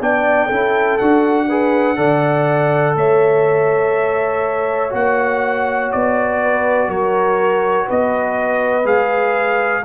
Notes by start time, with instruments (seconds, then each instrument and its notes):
0.00 tuba B3, trombone D4, horn D5, trumpet G5
0.46 tuba C#4, trombone E4, horn A4
0.98 tuba D4, trombone F#4, trumpet F#5
1.48 trombone G#4, horn B4
1.96 tuba D3, trombone A4, horn D5
2.95 tuba A3, horn C#5, trumpet E5
4.89 tuba A#3, trombone F#4, trumpet F#5
5.91 tuba B3, trumpet D5
6.41 horn B4
6.87 tuba F#3, horn A#4, trumpet C#5
7.86 tuba B3, horn B4, trumpet D#5
8.84 tuba G#3, trombone G#4, trumpet F5